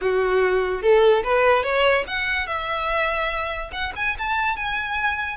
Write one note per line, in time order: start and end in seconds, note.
0.01 0.81 F#4
0.81 1.23 A4
1.23 1.63 B4
1.63 2.04 C#5
2.07 2.46 F#5
2.46 3.71 E5
3.72 3.93 F#5
3.96 4.16 G#5
4.18 4.56 A5
4.56 5.36 G#5